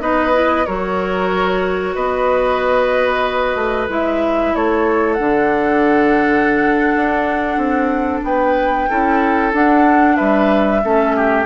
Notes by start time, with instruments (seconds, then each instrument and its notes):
0.00 bassoon B3, clarinet D#4, oboe B4, flute D#5
0.33 clarinet E4
0.66 bassoon F#3, clarinet F#4, oboe A#4, flute C#5
1.95 bassoon B3, oboe B4, flute D#5
3.55 bassoon A3
3.89 bassoon G#3, clarinet E4, flute E5
4.55 bassoon A3, oboe A4, flute C#5
5.14 clarinet D4, flute F#5
5.20 bassoon D3
6.95 bassoon D4
7.57 bassoon C4
8.23 bassoon B3, oboe B4, flute G5
8.89 bassoon C#4, clarinet E4, oboe A4
9.53 clarinet D4, bassoon D4, flute F#5
10.16 bassoon G3, oboe B4, flute E5
10.83 bassoon A3, clarinet C#4, oboe A4
11.16 oboe G4